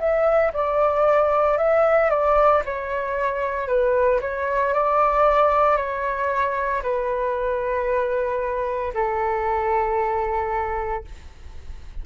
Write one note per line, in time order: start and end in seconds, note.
0.00 0.53 E5
0.54 1.58 D5
1.58 2.11 E5
2.11 2.63 D5
2.66 3.68 C#5
3.68 4.21 B4
4.21 4.74 C#5
4.74 5.77 D5
5.77 6.82 C#5
6.83 8.93 B4
8.94 11.05 A4